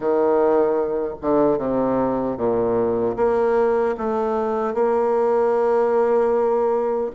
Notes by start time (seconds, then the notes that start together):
0.00 D#3
1.21 D3
1.58 C3
2.37 A#2
3.16 A#3
3.97 A3
4.74 A#3